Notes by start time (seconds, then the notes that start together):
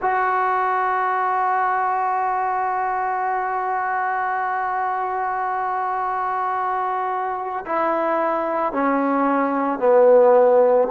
0.01 F#4
7.66 E4
8.72 C#4
9.79 B3